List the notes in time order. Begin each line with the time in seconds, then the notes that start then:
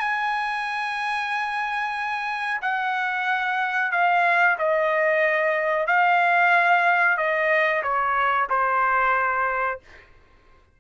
0.00 G#5
2.62 F#5
3.92 F5
4.59 D#5
5.87 F5
7.17 D#5
7.83 C#5
8.50 C5